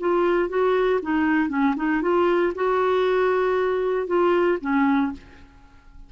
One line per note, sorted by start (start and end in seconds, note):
0.00 0.49 F4
0.49 1.00 F#4
1.02 1.49 D#4
1.49 1.75 C#4
1.76 2.02 D#4
2.02 2.53 F4
2.55 4.07 F#4
4.07 4.58 F4
4.61 5.12 C#4